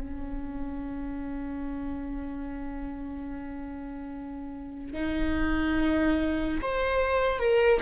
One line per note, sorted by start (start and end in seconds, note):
0.00 4.93 C#4
4.93 6.58 D#4
6.62 7.39 C5
7.39 7.80 A#4